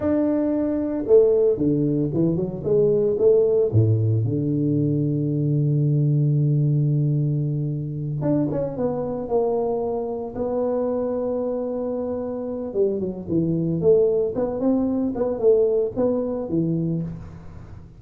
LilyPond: \new Staff \with { instrumentName = "tuba" } { \time 4/4 \tempo 4 = 113 d'2 a4 d4 | e8 fis8 gis4 a4 a,4 | d1~ | d2.~ d8 d'8 |
cis'8 b4 ais2 b8~ | b1 | g8 fis8 e4 a4 b8 c'8~ | c'8 b8 a4 b4 e4 | }